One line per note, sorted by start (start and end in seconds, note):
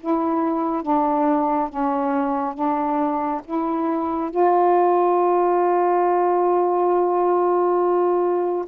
0.00 0.82 E4
0.82 1.69 D4
1.69 2.54 C#4
2.54 3.41 D4
3.44 4.30 E4
4.30 8.65 F4